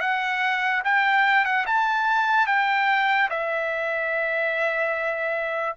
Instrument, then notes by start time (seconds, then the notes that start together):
trumpet
0.00 F#5
0.84 G5
1.45 F#5
1.66 A5
2.46 G5
3.30 E5